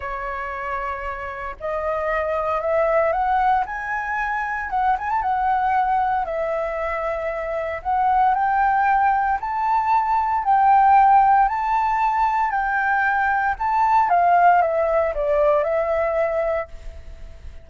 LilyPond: \new Staff \with { instrumentName = "flute" } { \time 4/4 \tempo 4 = 115 cis''2. dis''4~ | dis''4 e''4 fis''4 gis''4~ | gis''4 fis''8 gis''16 a''16 fis''2 | e''2. fis''4 |
g''2 a''2 | g''2 a''2 | g''2 a''4 f''4 | e''4 d''4 e''2 | }